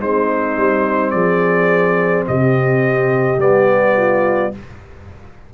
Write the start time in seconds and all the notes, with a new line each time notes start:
0.00 G#3 C4 D#4 C5
0.57 G3
1.11 F3 G#4 D5
2.28 C3 G4 D#5
3.38 G3 B3 D5
3.97 F4